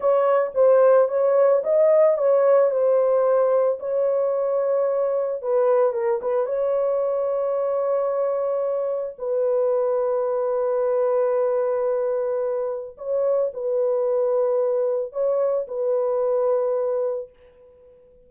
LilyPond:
\new Staff \with { instrumentName = "horn" } { \time 4/4 \tempo 4 = 111 cis''4 c''4 cis''4 dis''4 | cis''4 c''2 cis''4~ | cis''2 b'4 ais'8 b'8 | cis''1~ |
cis''4 b'2.~ | b'1 | cis''4 b'2. | cis''4 b'2. | }